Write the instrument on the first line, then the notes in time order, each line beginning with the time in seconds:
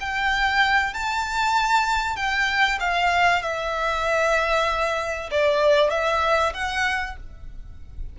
violin
0.00 G5
0.94 A5
2.16 G5
2.79 F5
3.42 E5
5.30 D5
5.90 E5
6.54 F#5